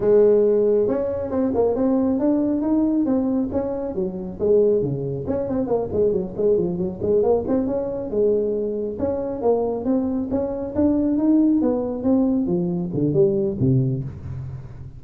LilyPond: \new Staff \with { instrumentName = "tuba" } { \time 4/4 \tempo 4 = 137 gis2 cis'4 c'8 ais8 | c'4 d'4 dis'4 c'4 | cis'4 fis4 gis4 cis4 | cis'8 c'8 ais8 gis8 fis8 gis8 f8 fis8 |
gis8 ais8 c'8 cis'4 gis4.~ | gis8 cis'4 ais4 c'4 cis'8~ | cis'8 d'4 dis'4 b4 c'8~ | c'8 f4 d8 g4 c4 | }